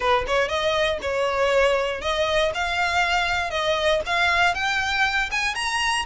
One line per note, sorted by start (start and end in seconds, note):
0.00 0.24 B4
0.27 0.48 C#5
0.48 0.99 D#5
1.01 2.01 C#5
2.01 2.51 D#5
2.54 3.50 F5
3.50 4.00 D#5
4.06 4.54 F5
4.54 5.30 G5
5.31 5.54 G#5
5.54 6.05 A#5